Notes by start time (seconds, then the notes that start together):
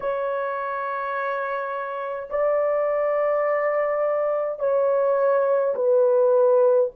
0.00 C#5
2.30 D5
4.58 C#5
5.75 B4